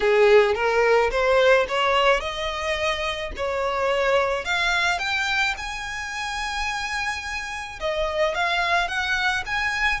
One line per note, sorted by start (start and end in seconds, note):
0.00 0.54 G#4
0.54 1.10 A#4
1.11 1.66 C5
1.68 2.20 C#5
2.20 3.31 D#5
3.36 4.44 C#5
4.44 4.98 F5
4.98 5.54 G5
5.57 7.79 G#5
7.80 8.34 D#5
8.34 8.88 F5
8.88 9.43 F#5
9.45 10.00 G#5